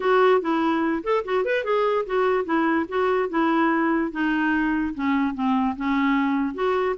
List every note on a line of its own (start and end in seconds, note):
0.00 0.41 F#4
0.41 1.02 E4
1.03 1.24 A4
1.24 1.44 F#4
1.44 1.64 B4
1.64 2.05 G#4
2.05 2.45 F#4
2.45 2.86 E4
2.88 3.29 F#4
3.29 4.11 E4
4.11 4.94 D#4
4.94 5.34 C#4
5.34 5.75 C4
5.76 6.54 C#4
6.54 6.95 F#4